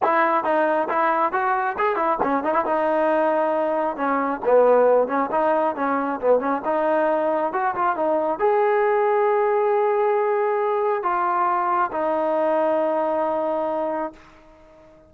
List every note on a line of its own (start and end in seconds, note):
0.02 0.44 E4
0.44 0.88 D#4
0.89 1.32 E4
1.32 1.76 F#4
1.78 1.96 G#4
1.96 2.18 E4
2.23 2.43 C#4
2.43 2.53 D#4
2.53 2.65 E4
2.65 3.96 D#4
3.96 4.40 C#4
4.45 5.07 B3
5.07 5.29 C#4
5.31 5.75 D#4
5.75 6.19 C#4
6.20 6.39 B3
6.39 6.61 C#4
6.64 7.52 D#4
7.52 7.74 F#4
7.75 7.96 F4
7.96 8.39 D#4
8.39 11.02 G#4
11.02 11.90 F4
11.92 14.12 D#4